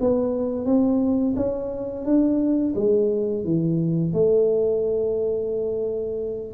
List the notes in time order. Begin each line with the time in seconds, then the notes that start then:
0.00 B3
0.66 C4
1.36 C#4
2.05 D4
2.76 G#3
3.44 E3
4.13 A3